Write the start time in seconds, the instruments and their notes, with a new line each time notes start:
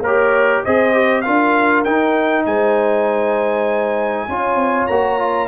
0.00 tuba A#3, trumpet A#4, horn C#5
0.06 trombone G4
0.65 tuba C4, trombone G#4, horn C5, trumpet D#5
0.93 trombone G4
1.22 tuba D4, trombone F4, horn A#4, trumpet F5
1.84 trombone D#4, tuba D#4, trumpet G5
2.46 tuba G#3, horn C5, trumpet G#5
4.29 tuba C#4, trombone F4, horn C#5
4.56 tuba C4
4.87 tuba A#3, trombone F#4, trumpet A#5
5.19 trombone F4